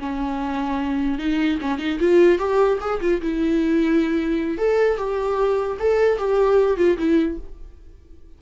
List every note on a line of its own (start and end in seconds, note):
0.00 1.19 C#4
1.19 1.59 D#4
1.61 1.79 C#4
1.79 1.99 D#4
2.00 2.39 F4
2.39 2.79 G4
2.81 3.01 G#4
3.01 3.21 F4
3.21 4.58 E4
4.58 4.97 A4
4.97 5.77 G4
5.80 6.18 A4
6.18 6.77 G4
6.77 6.97 F4
6.98 7.38 E4